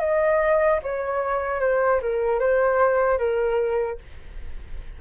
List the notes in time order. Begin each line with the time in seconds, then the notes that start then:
0.00 D#5
0.83 C#5
1.61 C5
2.02 A#4
2.40 C5
3.19 A#4